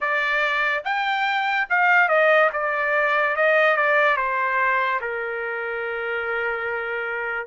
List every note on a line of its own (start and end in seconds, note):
0.00 0.84 D5
0.84 1.67 G5
1.69 2.08 F5
2.08 2.50 D#5
2.52 3.35 D5
3.35 3.76 D#5
3.76 4.16 D5
4.16 5.00 C5
5.00 7.46 A#4